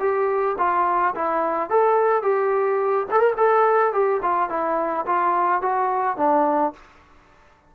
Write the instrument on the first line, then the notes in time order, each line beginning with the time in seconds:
trombone
0.00 G4
0.58 F4
1.15 E4
1.70 A4
2.23 G4
3.11 A4
3.19 A#4
3.37 A4
3.93 G4
4.23 F4
4.49 E4
5.06 F4
5.62 F#4
6.17 D4